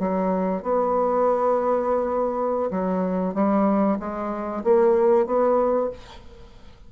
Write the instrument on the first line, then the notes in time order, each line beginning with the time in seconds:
bassoon
0.00 F#3
0.63 B3
2.71 F#3
3.35 G3
4.00 G#3
4.64 A#3
5.27 B3